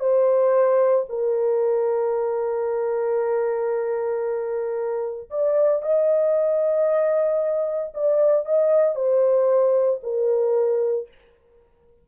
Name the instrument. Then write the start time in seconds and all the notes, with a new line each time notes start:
horn
0.00 C5
1.09 A#4
5.30 D5
5.82 D#5
7.94 D5
8.45 D#5
8.95 C5
10.03 A#4